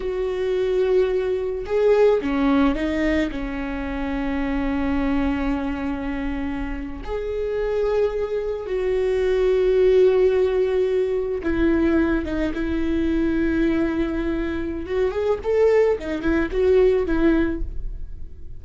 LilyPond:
\new Staff \with { instrumentName = "viola" } { \time 4/4 \tempo 4 = 109 fis'2. gis'4 | cis'4 dis'4 cis'2~ | cis'1~ | cis'8. gis'2. fis'16~ |
fis'1~ | fis'8. e'4. dis'8 e'4~ e'16~ | e'2. fis'8 gis'8 | a'4 dis'8 e'8 fis'4 e'4 | }